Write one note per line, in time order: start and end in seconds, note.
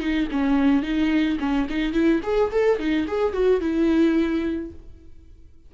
0.00 0.28 D#4
0.32 0.83 C#4
0.83 1.38 D#4
1.40 1.68 C#4
1.69 1.93 D#4
1.93 2.21 E4
2.23 2.51 G#4
2.51 2.79 A4
2.79 3.07 D#4
3.07 3.33 G#4
3.33 3.61 F#4
3.61 4.72 E4